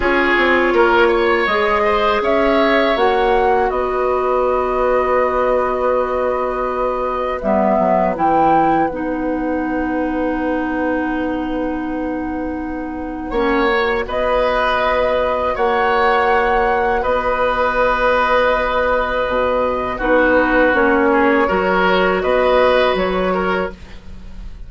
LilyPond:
<<
  \new Staff \with { instrumentName = "flute" } { \time 4/4 \tempo 4 = 81 cis''2 dis''4 e''4 | fis''4 dis''2.~ | dis''2 e''4 g''4 | fis''1~ |
fis''2. dis''4~ | dis''4 fis''2 dis''4~ | dis''2. b'4 | cis''2 dis''4 cis''4 | }
  \new Staff \with { instrumentName = "oboe" } { \time 4/4 gis'4 ais'8 cis''4 c''8 cis''4~ | cis''4 b'2.~ | b'1~ | b'1~ |
b'2 cis''4 b'4~ | b'4 cis''2 b'4~ | b'2. fis'4~ | fis'8 gis'8 ais'4 b'4. ais'8 | }
  \new Staff \with { instrumentName = "clarinet" } { \time 4/4 f'2 gis'2 | fis'1~ | fis'2 b4 e'4 | dis'1~ |
dis'2 cis'8 fis'4.~ | fis'1~ | fis'2. dis'4 | cis'4 fis'2. | }
  \new Staff \with { instrumentName = "bassoon" } { \time 4/4 cis'8 c'8 ais4 gis4 cis'4 | ais4 b2.~ | b2 g8 fis8 e4 | b1~ |
b2 ais4 b4~ | b4 ais2 b4~ | b2 b,4 b4 | ais4 fis4 b4 fis4 | }
>>